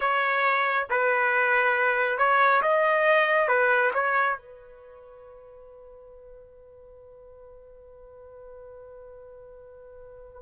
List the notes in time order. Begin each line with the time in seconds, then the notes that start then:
0.00 C#5
0.90 B4
2.18 C#5
2.62 D#5
3.47 B4
3.93 C#5
4.37 B4